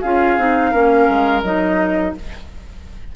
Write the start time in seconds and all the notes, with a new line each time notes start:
0.00 C#4 F4 G#4 F5
0.37 C4 D#4
0.71 A#3 C#4 A#4
1.08 G#3
1.42 F#3 D#4 D#5